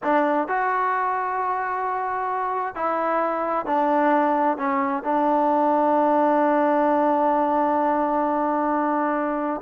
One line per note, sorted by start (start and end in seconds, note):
0.03 0.48 D4
0.48 2.75 F#4
2.75 3.65 E4
3.65 4.57 D4
4.57 5.03 C#4
5.03 9.61 D4